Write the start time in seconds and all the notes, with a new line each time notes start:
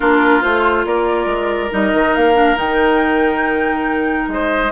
0.00 A#3 D4 F4 A#4
0.41 A3 F4 C5
0.85 A#3 A#4 D5
1.26 G#3
1.70 G3 D#4 D#5
1.93 D#3
2.15 A#3 F5
2.34 D4
2.55 D#3 D#4 G5
4.27 G#3 C5 D#5